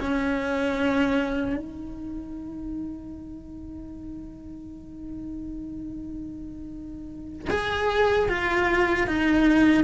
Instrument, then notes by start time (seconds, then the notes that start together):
cello
0.00 C#4
1.56 D#4
7.50 G#4
8.29 F4
9.07 D#4